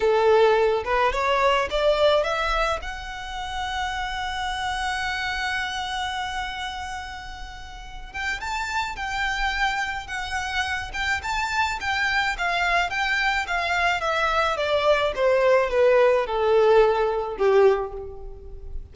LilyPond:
\new Staff \with { instrumentName = "violin" } { \time 4/4 \tempo 4 = 107 a'4. b'8 cis''4 d''4 | e''4 fis''2.~ | fis''1~ | fis''2~ fis''8 g''8 a''4 |
g''2 fis''4. g''8 | a''4 g''4 f''4 g''4 | f''4 e''4 d''4 c''4 | b'4 a'2 g'4 | }